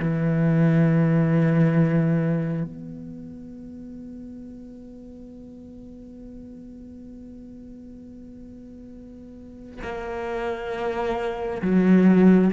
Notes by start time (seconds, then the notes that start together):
0.00 E3
2.64 B3
9.83 A#3
11.62 F#3